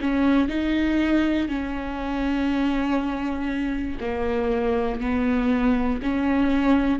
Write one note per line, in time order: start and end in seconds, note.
0.00 0.48 C#4
0.48 1.48 D#4
1.48 3.98 C#4
4.00 5.00 A#3
5.00 6.00 B3
6.02 7.00 C#4